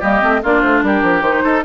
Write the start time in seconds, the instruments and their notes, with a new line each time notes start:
0.00 bassoon G3, clarinet A#3, oboe G4, flute D#5
0.21 bassoon A3, clarinet C4
0.43 bassoon A#3, clarinet D4, oboe F4, flute D5
0.60 bassoon A3, flute C5
0.83 bassoon G3, oboe G4, flute A#4
1.02 bassoon F3
1.21 bassoon D#3, clarinet D#4, flute C5
1.43 bassoon D#4, oboe A4